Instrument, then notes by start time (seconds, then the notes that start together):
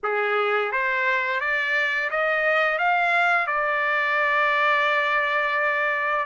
trumpet
0.03 G#4
0.72 C5
1.40 D5
2.10 D#5
2.78 F5
3.46 D5